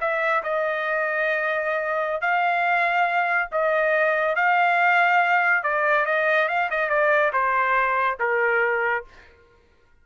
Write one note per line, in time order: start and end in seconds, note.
0.00 0.43 E5
0.43 2.21 D#5
2.21 3.49 F5
3.51 4.35 D#5
4.35 5.63 F5
5.63 6.05 D5
6.05 6.48 D#5
6.48 6.69 F5
6.70 6.89 D#5
6.89 7.31 D5
7.33 8.18 C5
8.19 9.04 A#4